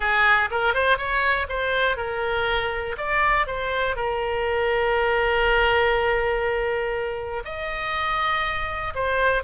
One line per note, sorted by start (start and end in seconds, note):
0.00 0.49 G#4
0.50 0.73 A#4
0.73 0.97 C5
0.97 1.47 C#5
1.48 1.96 C5
1.96 2.95 A#4
2.97 3.46 D5
3.46 3.96 C5
3.96 7.43 A#4
7.44 8.93 D#5
8.94 9.43 C5